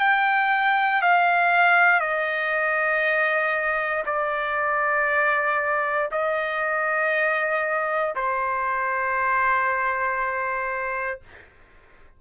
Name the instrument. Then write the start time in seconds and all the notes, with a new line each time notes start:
trumpet
0.00 G5
1.02 F5
2.00 D#5
4.06 D5
6.12 D#5
8.15 C5